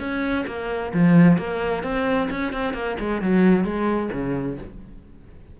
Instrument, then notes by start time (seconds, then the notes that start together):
cello
0.00 C#4
0.47 A#3
0.94 F3
1.38 A#3
1.83 C4
2.31 C#4
2.53 C4
2.74 A#3
3.00 G#3
3.22 F#3
3.65 G#3
4.13 C#3